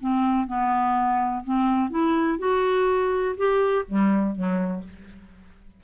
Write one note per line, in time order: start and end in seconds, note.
0.00 0.47 C4
0.47 1.43 B3
1.44 1.90 C4
1.90 2.38 E4
2.38 3.35 F#4
3.37 3.85 G4
3.88 4.35 G3
4.35 4.83 F#3